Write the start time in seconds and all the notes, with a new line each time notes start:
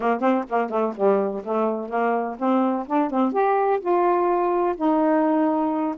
0.00 A#3
0.20 C4
0.49 A#3
0.69 A3
0.96 G3
1.44 A3
1.89 A#3
2.38 C4
2.87 D4
3.10 C4
3.32 G4
3.80 F4
4.76 D#4